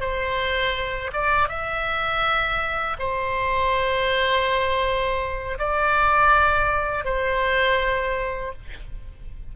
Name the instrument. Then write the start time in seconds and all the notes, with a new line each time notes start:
oboe
0.00 C5
1.13 D5
1.48 E5
2.99 C5
5.59 D5
7.05 C5